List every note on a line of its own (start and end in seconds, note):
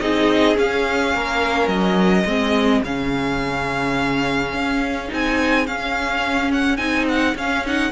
0.00 0.57 C4
0.00 0.56 D#4
0.00 1.15 G#4
0.00 0.57 D#5
0.56 2.25 C#4
0.56 1.14 C#4
0.56 1.68 F5
1.14 1.68 A#3
1.14 2.28 A#4
1.68 2.24 F#3
1.68 2.81 D#5
2.25 2.82 G#3
2.25 2.84 C4
2.25 7.92 G#4
2.83 4.53 C#3
2.83 5.08 C#4
2.83 5.11 F5
4.53 5.10 C#4
5.08 5.67 C4
5.08 5.65 D#4
5.08 5.67 G#5
5.67 6.78 C#4
5.67 6.52 F5
6.53 6.77 F#5
6.77 7.35 C4
6.77 7.35 D#4
6.77 7.05 G#5
7.08 7.37 F#5
7.35 7.92 C#4
7.35 7.65 C#4
7.35 7.66 F5
7.66 7.92 D#4
7.66 7.92 F#5